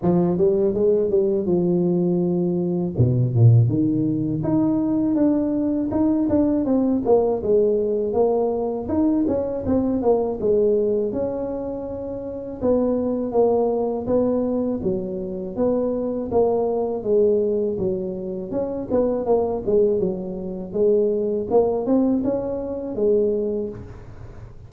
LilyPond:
\new Staff \with { instrumentName = "tuba" } { \time 4/4 \tempo 4 = 81 f8 g8 gis8 g8 f2 | b,8 ais,8 dis4 dis'4 d'4 | dis'8 d'8 c'8 ais8 gis4 ais4 | dis'8 cis'8 c'8 ais8 gis4 cis'4~ |
cis'4 b4 ais4 b4 | fis4 b4 ais4 gis4 | fis4 cis'8 b8 ais8 gis8 fis4 | gis4 ais8 c'8 cis'4 gis4 | }